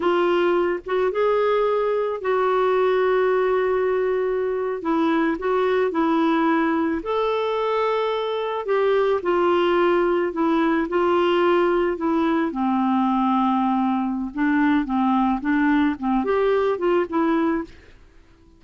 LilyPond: \new Staff \with { instrumentName = "clarinet" } { \time 4/4 \tempo 4 = 109 f'4. fis'8 gis'2 | fis'1~ | fis'8. e'4 fis'4 e'4~ e'16~ | e'8. a'2. g'16~ |
g'8. f'2 e'4 f'16~ | f'4.~ f'16 e'4 c'4~ c'16~ | c'2 d'4 c'4 | d'4 c'8 g'4 f'8 e'4 | }